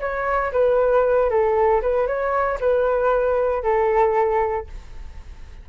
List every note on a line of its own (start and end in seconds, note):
0.00 0.52 C#5
0.52 1.30 B4
1.30 1.81 A4
1.82 2.07 B4
2.07 2.58 C#5
2.60 3.63 B4
3.63 4.66 A4